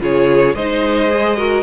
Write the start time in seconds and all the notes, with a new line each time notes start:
0.00 C#3 F4 G#4 C#5
0.55 G#3 D#4 C5 D#5
1.10 G#4
1.37 F#4 A#4